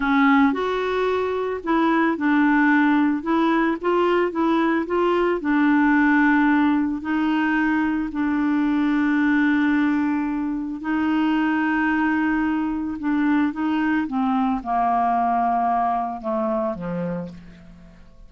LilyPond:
\new Staff \with { instrumentName = "clarinet" } { \time 4/4 \tempo 4 = 111 cis'4 fis'2 e'4 | d'2 e'4 f'4 | e'4 f'4 d'2~ | d'4 dis'2 d'4~ |
d'1 | dis'1 | d'4 dis'4 c'4 ais4~ | ais2 a4 f4 | }